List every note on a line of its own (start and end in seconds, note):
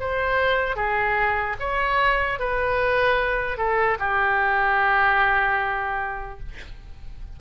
0.00 0.76 C5
0.76 1.56 G#4
1.59 2.39 C#5
2.39 3.57 B4
3.57 3.97 A4
3.99 6.39 G4